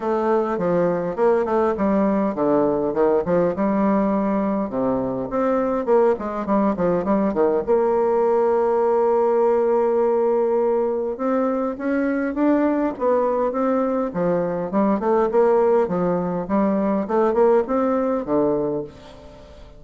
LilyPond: \new Staff \with { instrumentName = "bassoon" } { \time 4/4 \tempo 4 = 102 a4 f4 ais8 a8 g4 | d4 dis8 f8 g2 | c4 c'4 ais8 gis8 g8 f8 | g8 dis8 ais2.~ |
ais2. c'4 | cis'4 d'4 b4 c'4 | f4 g8 a8 ais4 f4 | g4 a8 ais8 c'4 d4 | }